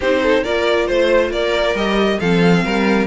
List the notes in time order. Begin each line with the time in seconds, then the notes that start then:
0.00 C4 D#4 G4 C5
0.22 A4
0.43 A#3 F4 A#4 D5
0.87 A3 C5
1.30 A#3 A#4 D5
1.74 G3 G4 D#5
2.19 F3 C4 A4 F5
2.64 G3 A#4